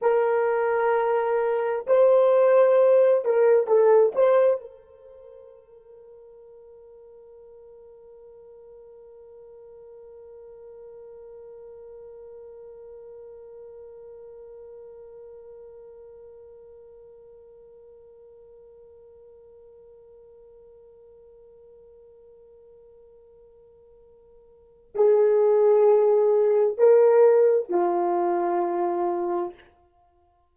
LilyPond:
\new Staff \with { instrumentName = "horn" } { \time 4/4 \tempo 4 = 65 ais'2 c''4. ais'8 | a'8 c''8 ais'2.~ | ais'1~ | ais'1~ |
ais'1~ | ais'1~ | ais'2. gis'4~ | gis'4 ais'4 f'2 | }